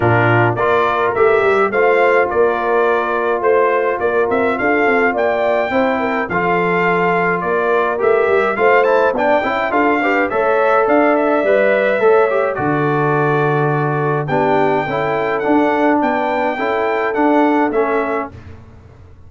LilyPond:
<<
  \new Staff \with { instrumentName = "trumpet" } { \time 4/4 \tempo 4 = 105 ais'4 d''4 e''4 f''4 | d''2 c''4 d''8 e''8 | f''4 g''2 f''4~ | f''4 d''4 e''4 f''8 a''8 |
g''4 f''4 e''4 f''8 e''8~ | e''2 d''2~ | d''4 g''2 fis''4 | g''2 fis''4 e''4 | }
  \new Staff \with { instrumentName = "horn" } { \time 4/4 f'4 ais'2 c''4 | ais'2 c''4 ais'4 | a'4 d''4 c''8 ais'8 a'4~ | a'4 ais'2 c''4 |
d''8 e''8 a'8 b'8 cis''4 d''4~ | d''4 cis''4 a'2~ | a'4 g'4 a'2 | b'4 a'2. | }
  \new Staff \with { instrumentName = "trombone" } { \time 4/4 d'4 f'4 g'4 f'4~ | f'1~ | f'2 e'4 f'4~ | f'2 g'4 f'8 e'8 |
d'8 e'8 f'8 g'8 a'2 | b'4 a'8 g'8 fis'2~ | fis'4 d'4 e'4 d'4~ | d'4 e'4 d'4 cis'4 | }
  \new Staff \with { instrumentName = "tuba" } { \time 4/4 ais,4 ais4 a8 g8 a4 | ais2 a4 ais8 c'8 | d'8 c'8 ais4 c'4 f4~ | f4 ais4 a8 g8 a4 |
b8 cis'8 d'4 a4 d'4 | g4 a4 d2~ | d4 b4 cis'4 d'4 | b4 cis'4 d'4 a4 | }
>>